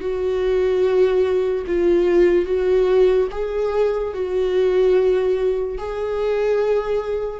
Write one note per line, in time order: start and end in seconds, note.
0.00 1.64 F#4
1.67 2.45 F4
2.45 3.28 F#4
3.31 4.13 G#4
4.13 5.78 F#4
5.78 7.40 G#4